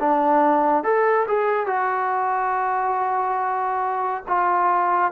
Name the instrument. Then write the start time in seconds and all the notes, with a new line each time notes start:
trombone
0.00 D4
0.84 A4
1.28 G#4
1.67 F#4
4.27 F4